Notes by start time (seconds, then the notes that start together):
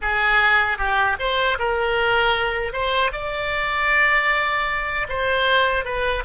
0.01 G#4
0.78 G4
1.19 C5
1.58 A#4
2.72 C5
3.12 D5
5.08 C5
5.84 B4